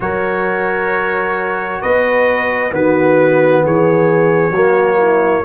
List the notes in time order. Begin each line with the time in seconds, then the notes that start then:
0.00 F#3 F#4 A#4 C#5
1.81 B3 B4 D#5
2.70 D#3 B3 F#4 B4
3.63 E3 G#4 C#5
4.50 F#3 A#3 F#4
4.98 E4